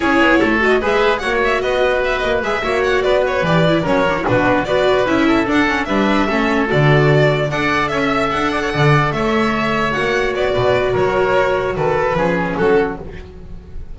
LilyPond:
<<
  \new Staff \with { instrumentName = "violin" } { \time 4/4 \tempo 4 = 148 cis''4. dis''8 e''4 fis''8 e''8 | dis''4 e''8 dis''8 e''4 fis''8 d''8 | cis''8 d''4 cis''4 b'4 d''8~ | d''8 e''4 fis''4 e''4.~ |
e''8 d''2 fis''4 e''8~ | e''8 fis''2 e''4.~ | e''8 fis''4 d''4. cis''4~ | cis''4 b'2 a'4 | }
  \new Staff \with { instrumentName = "oboe" } { \time 4/4 gis'4 a'4 b'4 cis''4 | b'2~ b'8 cis''4 b'8~ | b'4. ais'4 fis'4 b'8~ | b'4 a'4. b'4 a'8~ |
a'2~ a'8 d''4 cis''16 e''16~ | e''4 d''16 cis''16 d''4 cis''4.~ | cis''2 b'4 ais'4~ | ais'4 a'4 gis'4 fis'4 | }
  \new Staff \with { instrumentName = "viola" } { \time 4/4 e'4. fis'8 gis'4 fis'4~ | fis'2 gis'8 fis'4.~ | fis'8 g'8 e'8 cis'8 d'16 e'16 d'4 fis'8~ | fis'8 e'4 d'8 cis'8 d'4 cis'8~ |
cis'8 fis'2 a'4.~ | a'1~ | a'8 fis'2.~ fis'8~ | fis'2 cis'2 | }
  \new Staff \with { instrumentName = "double bass" } { \time 4/4 cis'8 b8 a4 gis4 ais4 | b4. ais8 gis8 ais4 b8~ | b8 e4 fis4 b,4 b8~ | b8 cis'4 d'4 g4 a8~ |
a8 d2 d'4 cis'8~ | cis'8 d'4 d4 a4.~ | a8 ais4 b8 b,4 fis4~ | fis4 dis4 f4 fis4 | }
>>